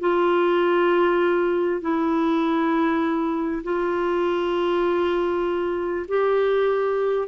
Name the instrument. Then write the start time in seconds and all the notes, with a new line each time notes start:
clarinet
0.00 F4
1.81 E4
3.64 F4
6.08 G4